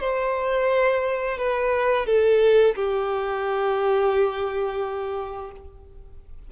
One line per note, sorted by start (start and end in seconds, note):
0.00 1.38 C5
1.38 2.06 B4
2.06 2.75 A4
2.76 5.51 G4